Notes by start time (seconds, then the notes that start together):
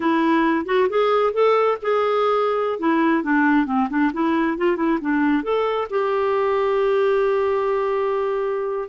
0.00 E4
0.65 F#4
0.89 G#4
1.33 A4
1.82 G#4
2.79 E4
3.23 D4
3.66 C4
3.89 D4
4.13 E4
4.57 F4
4.76 E4
5.01 D4
5.43 A4
5.90 G4